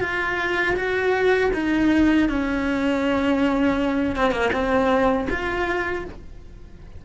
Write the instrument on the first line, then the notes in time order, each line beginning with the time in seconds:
cello
0.00 F4
0.75 F#4
1.53 D#4
2.28 C#4
4.16 C4
4.31 A#3
4.52 C4
5.29 F4